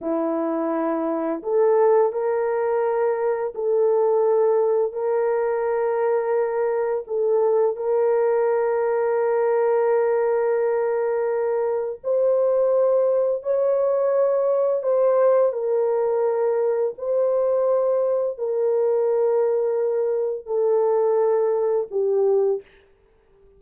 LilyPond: \new Staff \with { instrumentName = "horn" } { \time 4/4 \tempo 4 = 85 e'2 a'4 ais'4~ | ais'4 a'2 ais'4~ | ais'2 a'4 ais'4~ | ais'1~ |
ais'4 c''2 cis''4~ | cis''4 c''4 ais'2 | c''2 ais'2~ | ais'4 a'2 g'4 | }